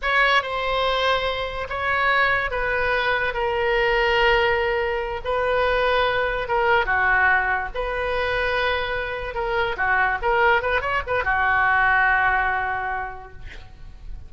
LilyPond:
\new Staff \with { instrumentName = "oboe" } { \time 4/4 \tempo 4 = 144 cis''4 c''2. | cis''2 b'2 | ais'1~ | ais'8 b'2. ais'8~ |
ais'8 fis'2 b'4.~ | b'2~ b'8 ais'4 fis'8~ | fis'8 ais'4 b'8 cis''8 b'8 fis'4~ | fis'1 | }